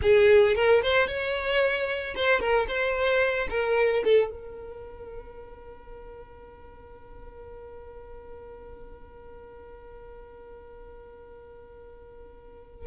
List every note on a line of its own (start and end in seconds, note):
0.01 0.55 G#4
0.55 0.82 A#4
0.82 1.07 C5
1.07 2.15 C#5
2.15 2.40 C5
2.40 2.66 A#4
2.67 3.48 C5
3.49 4.03 A#4
4.04 4.31 A4
4.31 12.86 A#4